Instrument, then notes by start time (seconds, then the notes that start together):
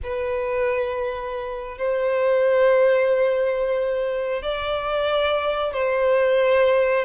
violin
0.03 B4
1.78 C5
4.42 D5
5.73 C5